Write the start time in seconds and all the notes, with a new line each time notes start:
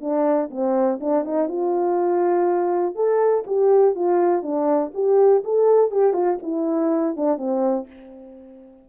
0.00 D4
0.50 C4
1.00 D4
1.24 D#4
1.48 F4
2.95 A4
3.46 G4
3.95 F4
4.42 D4
4.94 G4
5.43 A4
5.91 G4
6.13 F4
6.42 E4
7.16 D4
7.37 C4